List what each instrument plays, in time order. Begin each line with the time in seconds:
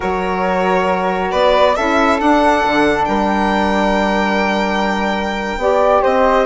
0.00 bassoon F#3, saxophone F#4, flute A#4, violin C#5
1.31 bassoon B3, flute B4, violin D5
1.75 bassoon C#4, saxophone E4, flute A4, violin E5
2.18 saxophone D4, bassoon D4, violin F#5
2.65 bassoon D3
3.04 bassoon G3, flute A#4, violin G5
5.57 bassoon B3, saxophone G4, flute D5
6.02 bassoon C4, flute C5, violin D#5